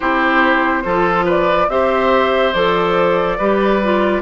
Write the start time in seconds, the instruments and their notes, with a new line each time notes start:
0.00 bassoon C4, clarinet E4, oboe G4, flute C5
0.84 bassoon F3, clarinet F4, oboe A4
1.25 oboe B4, flute D5
1.68 bassoon C4, clarinet G4, oboe C5, flute E5
2.53 bassoon F3, clarinet A4, flute D5
3.38 bassoon G3, clarinet G4, oboe B4
3.82 clarinet F4